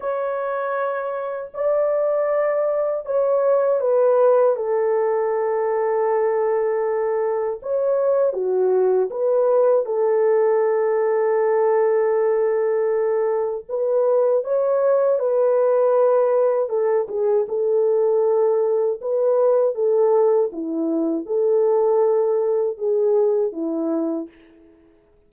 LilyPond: \new Staff \with { instrumentName = "horn" } { \time 4/4 \tempo 4 = 79 cis''2 d''2 | cis''4 b'4 a'2~ | a'2 cis''4 fis'4 | b'4 a'2.~ |
a'2 b'4 cis''4 | b'2 a'8 gis'8 a'4~ | a'4 b'4 a'4 e'4 | a'2 gis'4 e'4 | }